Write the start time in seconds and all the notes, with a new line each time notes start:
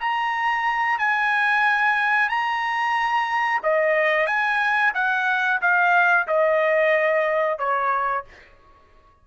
0.00 A#5
0.98 G#5
2.29 A#5
3.63 D#5
4.26 G#5
4.94 F#5
5.61 F5
6.27 D#5
7.59 C#5